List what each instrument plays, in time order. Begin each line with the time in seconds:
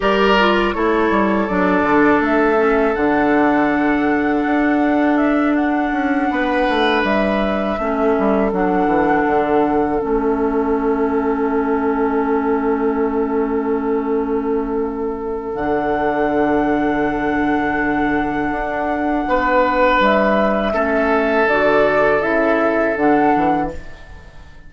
0.00 bassoon G3, clarinet G4, oboe A#4, flute D5
0.39 clarinet F4
0.73 bassoon A3, clarinet E4, oboe A4, flute C#5
1.10 bassoon G3
1.47 bassoon F#3, clarinet D4, flute D5
1.82 bassoon D3
2.20 bassoon A3, flute E5
2.56 clarinet C#4
2.94 bassoon D3, clarinet D4, flute F#5
4.45 bassoon D4
5.17 flute E5
5.55 flute F#5
5.92 bassoon C#4
6.30 bassoon B3, oboe B4
6.69 bassoon A3
7.03 bassoon G3, flute E5
7.78 bassoon A3, clarinet C#4, oboe A4
8.19 bassoon G3
8.51 bassoon F#3, clarinet D4, flute F#5
8.86 bassoon E3
9.26 bassoon D3
9.98 bassoon A3, clarinet C#4, flute E5
15.54 bassoon D3, clarinet D4, flute F#5
18.50 bassoon D4
19.27 bassoon B3, oboe B4
19.99 bassoon G3, flute E5
20.73 bassoon A3, clarinet C#4, oboe A4
21.46 bassoon D3, clarinet F#4, flute D5
22.21 bassoon C#3, clarinet E4, flute E5
22.95 bassoon D3, clarinet D4, flute F#5
23.36 bassoon E3